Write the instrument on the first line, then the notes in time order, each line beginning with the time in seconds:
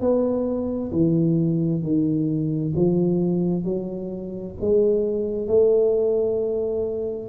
tuba
0.00 B3
0.91 E3
1.82 D#3
2.76 F3
3.64 F#3
4.60 G#3
5.47 A3